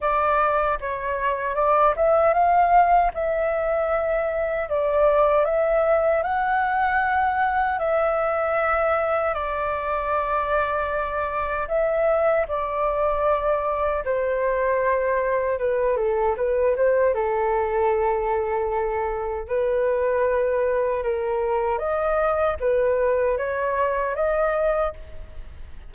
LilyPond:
\new Staff \with { instrumentName = "flute" } { \time 4/4 \tempo 4 = 77 d''4 cis''4 d''8 e''8 f''4 | e''2 d''4 e''4 | fis''2 e''2 | d''2. e''4 |
d''2 c''2 | b'8 a'8 b'8 c''8 a'2~ | a'4 b'2 ais'4 | dis''4 b'4 cis''4 dis''4 | }